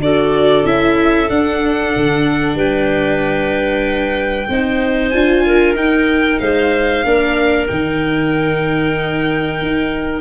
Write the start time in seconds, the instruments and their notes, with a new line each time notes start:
0.00 tuba D4, viola F#4, clarinet A4, violin D5
0.65 tuba C#4, viola E4, violin E5
1.29 viola D4, tuba D4, violin F#5
1.97 tuba D3
2.55 tuba G3, clarinet B4, violin G5
4.48 tuba C4, viola D#4, clarinet C5
5.10 tuba D4, viola F4, violin G#5
5.46 clarinet A#4
5.75 tuba D#4, viola D#4, violin G5
6.39 tuba G#3, clarinet C5, violin F5
7.04 tuba A#3, viola D4, clarinet A#4
7.68 tuba D#3, viola D#4, violin G5
9.62 tuba D#4